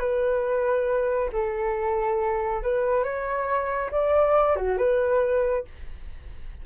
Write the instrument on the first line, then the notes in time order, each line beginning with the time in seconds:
flute
0.00 B4
1.32 A4
2.63 B4
3.04 C#5
3.91 D5
4.57 F#4
4.78 B4